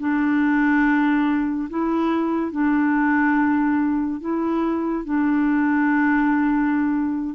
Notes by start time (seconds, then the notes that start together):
0.00 D4
1.70 E4
2.52 D4
4.21 E4
5.05 D4